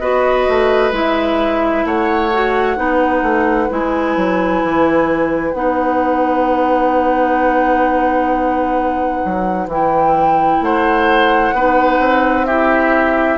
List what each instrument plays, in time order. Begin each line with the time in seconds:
0.00 bassoon B3, clarinet F#4, oboe B4, flute D#5
0.49 bassoon A3
0.92 bassoon G#3, clarinet E4, flute E5
1.85 bassoon A3, oboe C#5, flute F#5
2.33 clarinet F#4
2.76 bassoon B3, clarinet D#4, oboe B4
3.22 bassoon A3
3.70 bassoon G#3, clarinet E4, flute G#5
4.17 bassoon F#3
4.64 bassoon E3
5.53 bassoon B3, clarinet D#4, flute F#5
9.25 bassoon F#3
9.67 bassoon E3, clarinet E4, flute G5
10.61 bassoon A3, oboe C5, flute F#5
11.53 bassoon B3, clarinet D#4, oboe B4
11.99 bassoon C4
12.46 clarinet E4, oboe G4, flute E5